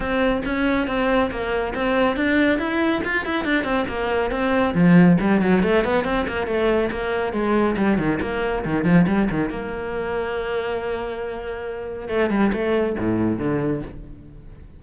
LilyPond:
\new Staff \with { instrumentName = "cello" } { \time 4/4 \tempo 4 = 139 c'4 cis'4 c'4 ais4 | c'4 d'4 e'4 f'8 e'8 | d'8 c'8 ais4 c'4 f4 | g8 fis8 a8 b8 c'8 ais8 a4 |
ais4 gis4 g8 dis8 ais4 | dis8 f8 g8 dis8 ais2~ | ais1 | a8 g8 a4 a,4 d4 | }